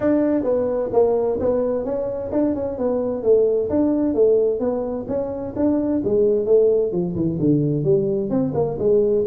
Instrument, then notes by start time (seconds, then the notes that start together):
tuba
0.00 D4
0.43 B3
0.93 A#3
1.40 B3
1.84 C#4
2.31 D4
2.54 C#4
2.78 B3
3.23 A3
3.69 D4
4.14 A3
4.59 B3
5.08 C#4
5.56 D4
6.04 G#3
6.45 A3
6.92 F3
7.15 E3
7.39 D3
7.83 G3
8.30 C4
8.54 A#3
8.79 G#3